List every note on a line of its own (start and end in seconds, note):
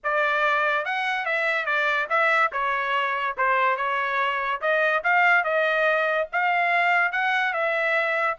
0.03 0.85 D5
0.85 1.25 F#5
1.25 1.65 E5
1.65 2.07 D5
2.09 2.51 E5
2.52 3.36 C#5
3.37 3.76 C5
3.76 4.60 C#5
4.61 5.03 D#5
5.03 5.44 F5
5.44 6.28 D#5
6.32 7.11 F5
7.11 7.53 F#5
7.53 8.37 E5